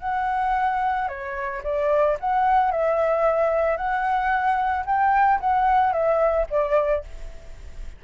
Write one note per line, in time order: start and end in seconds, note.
0.00 1.08 F#5
1.08 1.62 C#5
1.63 2.17 D5
2.20 2.71 F#5
2.71 3.77 E5
3.77 4.85 F#5
4.86 5.40 G5
5.40 5.93 F#5
5.93 6.47 E5
6.50 7.04 D5